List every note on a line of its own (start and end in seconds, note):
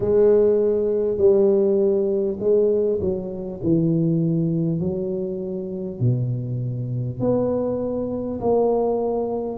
0.00 1.17 G#3
1.17 2.37 G3
2.39 2.99 G#3
3.01 3.61 F#3
3.62 4.79 E3
4.79 5.99 F#3
6.00 7.19 B2
7.19 8.39 B3
8.40 9.58 A#3